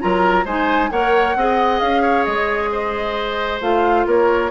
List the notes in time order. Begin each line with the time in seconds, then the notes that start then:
0.00 F#3 F4 A#4 A#5
0.45 G#3 D#4 C5 G#5
0.91 A#3 A#4 C#5 F#5
1.36 C4 G#4 D#5
1.80 C#4 F5
2.02 C#5
2.25 G#3 D#5
2.72 C5
3.61 A3 F4 F5
4.07 A#3 A#4 C#5